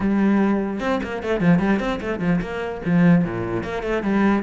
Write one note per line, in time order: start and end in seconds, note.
0.00 0.80 G3
0.80 1.00 C4
1.03 1.22 A#3
1.22 1.40 A3
1.40 1.59 F3
1.59 1.79 G3
1.79 1.99 C4
2.00 2.19 A3
2.19 2.39 F3
2.41 2.81 A#3
2.85 3.24 F3
3.24 3.63 A#2
3.63 3.83 A#3
3.83 4.02 A3
4.02 4.42 G3